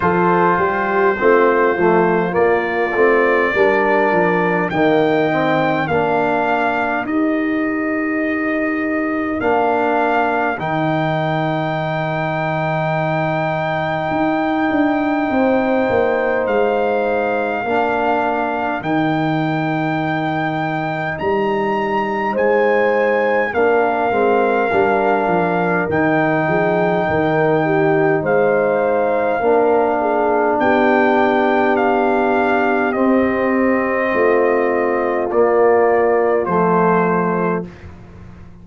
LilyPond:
<<
  \new Staff \with { instrumentName = "trumpet" } { \time 4/4 \tempo 4 = 51 c''2 d''2 | g''4 f''4 dis''2 | f''4 g''2.~ | g''2 f''2 |
g''2 ais''4 gis''4 | f''2 g''2 | f''2 g''4 f''4 | dis''2 d''4 c''4 | }
  \new Staff \with { instrumentName = "horn" } { \time 4/4 a'8 g'8 f'2 ais'4 | dis''4 ais'2.~ | ais'1~ | ais'4 c''2 ais'4~ |
ais'2. c''4 | ais'2~ ais'8 gis'8 ais'8 g'8 | c''4 ais'8 gis'8 g'2~ | g'4 f'2. | }
  \new Staff \with { instrumentName = "trombone" } { \time 4/4 f'4 c'8 a8 ais8 c'8 d'4 | ais8 c'8 d'4 g'2 | d'4 dis'2.~ | dis'2. d'4 |
dis'1 | d'8 c'8 d'4 dis'2~ | dis'4 d'2. | c'2 ais4 a4 | }
  \new Staff \with { instrumentName = "tuba" } { \time 4/4 f8 g8 a8 f8 ais8 a8 g8 f8 | dis4 ais4 dis'2 | ais4 dis2. | dis'8 d'8 c'8 ais8 gis4 ais4 |
dis2 g4 gis4 | ais8 gis8 g8 f8 dis8 f8 dis4 | gis4 ais4 b2 | c'4 a4 ais4 f4 | }
>>